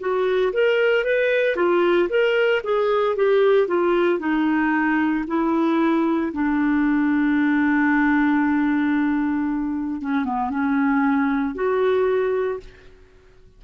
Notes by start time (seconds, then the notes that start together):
0.00 F#4
0.53 A#4
1.05 B4
1.56 F4
2.10 A#4
2.64 G#4
3.16 G4
3.68 F4
4.20 D#4
5.28 E4
6.33 D4
10.01 C#4
10.25 B3
10.50 C#4
11.55 F#4